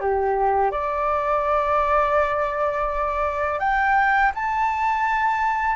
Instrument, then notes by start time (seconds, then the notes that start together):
flute
0.00 G4
0.71 D5
3.59 G5
4.34 A5